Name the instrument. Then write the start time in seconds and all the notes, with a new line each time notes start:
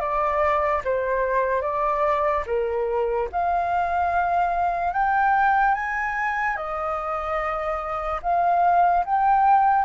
flute
0.00 D5
0.85 C5
1.62 D5
2.47 A#4
3.32 F5
4.94 G5
5.75 G#5
6.56 D#5
8.23 F5
9.06 G5